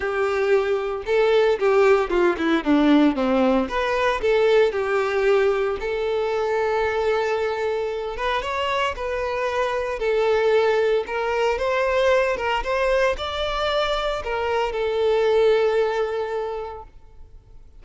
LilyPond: \new Staff \with { instrumentName = "violin" } { \time 4/4 \tempo 4 = 114 g'2 a'4 g'4 | f'8 e'8 d'4 c'4 b'4 | a'4 g'2 a'4~ | a'2.~ a'8 b'8 |
cis''4 b'2 a'4~ | a'4 ais'4 c''4. ais'8 | c''4 d''2 ais'4 | a'1 | }